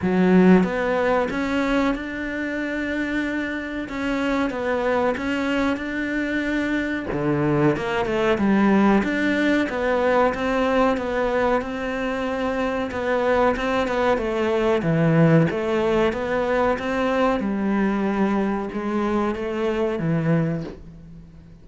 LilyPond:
\new Staff \with { instrumentName = "cello" } { \time 4/4 \tempo 4 = 93 fis4 b4 cis'4 d'4~ | d'2 cis'4 b4 | cis'4 d'2 d4 | ais8 a8 g4 d'4 b4 |
c'4 b4 c'2 | b4 c'8 b8 a4 e4 | a4 b4 c'4 g4~ | g4 gis4 a4 e4 | }